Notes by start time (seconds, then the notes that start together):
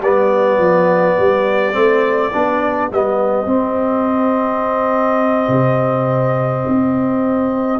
0.00 G3 B3 G4 D5
0.58 F3
1.19 G3
1.72 A3 C4
2.33 B3 D4
2.91 G3 B3 D#5
3.45 C4
5.48 C3
6.68 C4